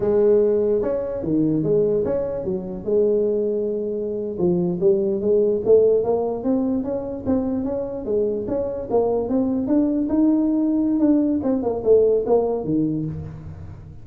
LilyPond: \new Staff \with { instrumentName = "tuba" } { \time 4/4 \tempo 4 = 147 gis2 cis'4 dis4 | gis4 cis'4 fis4 gis4~ | gis2~ gis8. f4 g16~ | g8. gis4 a4 ais4 c'16~ |
c'8. cis'4 c'4 cis'4 gis16~ | gis8. cis'4 ais4 c'4 d'16~ | d'8. dis'2~ dis'16 d'4 | c'8 ais8 a4 ais4 dis4 | }